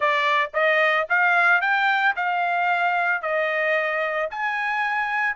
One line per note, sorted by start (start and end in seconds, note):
0.00 0.51 D5
0.53 1.07 D#5
1.09 1.61 F5
1.61 2.14 G5
2.16 3.22 F5
3.22 4.29 D#5
4.30 5.36 G#5